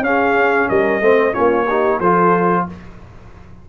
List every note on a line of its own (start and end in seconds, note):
0.00 0.66 C#4
0.00 1.02 C#4
0.00 0.69 G#4
0.00 0.69 F5
0.69 1.01 G3
0.69 1.02 A#4
0.69 1.34 D#5
1.01 1.34 A3
1.01 1.32 C4
1.01 1.33 C5
1.32 2.00 A#3
1.32 1.65 C#4
1.32 1.66 F4
1.32 2.00 C#5
1.68 2.02 D#4
1.68 1.99 G4
1.99 2.66 F3
1.99 2.69 F4
1.99 2.65 A4
1.99 2.66 C5